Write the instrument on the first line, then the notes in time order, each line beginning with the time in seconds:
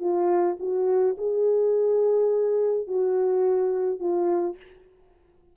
horn
0.00 F4
0.60 F#4
1.18 G#4
2.88 F#4
4.00 F4